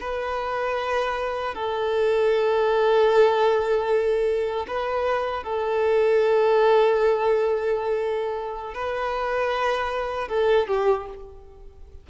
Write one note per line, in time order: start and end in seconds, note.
0.00 1.54 B4
1.54 4.66 A4
4.67 5.43 B4
5.43 8.74 A4
8.74 10.28 B4
10.28 10.67 A4
10.67 11.06 G4